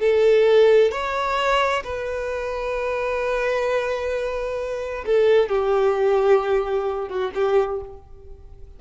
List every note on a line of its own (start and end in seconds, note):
0.00 0.92 A4
0.92 1.84 C#5
1.84 5.05 B4
5.06 5.49 A4
5.49 7.09 G4
7.09 7.32 F#4
7.35 7.81 G4